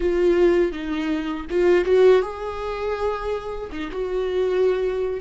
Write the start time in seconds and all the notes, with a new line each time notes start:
0.00 F4
0.71 D#4
1.50 F4
1.85 F#4
2.22 G#4
3.72 D#4
3.91 F#4